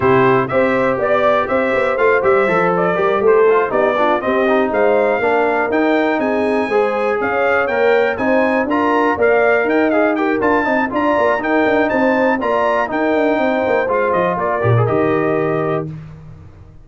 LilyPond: <<
  \new Staff \with { instrumentName = "trumpet" } { \time 4/4 \tempo 4 = 121 c''4 e''4 d''4 e''4 | f''8 e''4 d''4 c''4 d''8~ | d''8 dis''4 f''2 g''8~ | g''8 gis''2 f''4 g''8~ |
g''8 gis''4 ais''4 f''4 g''8 | f''8 g''8 a''4 ais''4 g''4 | a''4 ais''4 g''2 | f''8 dis''8 d''4 dis''2 | }
  \new Staff \with { instrumentName = "horn" } { \time 4/4 g'4 c''4 d''4 c''4~ | c''2 ais'8 a'4 g'8 | f'8 g'4 c''4 ais'4.~ | ais'8 gis'4 c''4 cis''4.~ |
cis''8 c''4 ais'4 d''4 dis''8~ | dis''8 ais'4 dis''8 d''4 ais'4 | c''4 d''4 ais'4 c''4~ | c''4 ais'2. | }
  \new Staff \with { instrumentName = "trombone" } { \time 4/4 e'4 g'2. | f'8 g'8 a'4 g'4 f'8 dis'8 | d'8 c'8 dis'4. d'4 dis'8~ | dis'4. gis'2 ais'8~ |
ais'8 dis'4 f'4 ais'4. | gis'8 g'8 f'8 dis'8 f'4 dis'4~ | dis'4 f'4 dis'2 | f'4. g'16 gis'16 g'2 | }
  \new Staff \with { instrumentName = "tuba" } { \time 4/4 c4 c'4 b4 c'8 b8 | a8 g8 f4 g8 a4 b8~ | b8 c'4 gis4 ais4 dis'8~ | dis'8 c'4 gis4 cis'4 ais8~ |
ais8 c'4 d'4 ais4 dis'8~ | dis'4 d'8 c'8 d'8 ais8 dis'8 d'8 | c'4 ais4 dis'8 d'8 c'8 ais8 | gis8 f8 ais8 ais,8 dis2 | }
>>